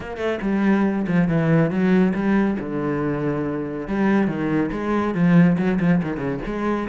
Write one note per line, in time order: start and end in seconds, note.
0.00 0.17 A#3
0.17 0.38 A3
0.41 1.05 G3
1.07 1.28 F3
1.28 1.70 E3
1.70 2.13 F#3
2.14 2.57 G3
2.59 3.87 D3
3.87 4.27 G3
4.27 4.70 D#3
4.71 5.14 G#3
5.14 5.57 F3
5.58 5.79 F#3
5.80 6.01 F3
6.02 6.17 D#3
6.17 6.38 C#3
6.46 6.88 G#3